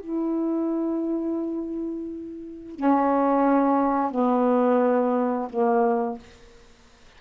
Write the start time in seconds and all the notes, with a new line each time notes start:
0.00 E4
2.75 C#4
4.11 B3
5.50 A#3